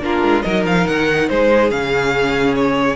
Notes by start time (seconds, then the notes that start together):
0.00 A#3 D4 F4 A#4
0.22 G#3
0.42 F#3 D#4 A#4 D#5
0.64 F3 F5
0.86 D#3 F#5
1.28 G#3 G#4 C5
1.70 C#3 C#4 F5
2.55 C#5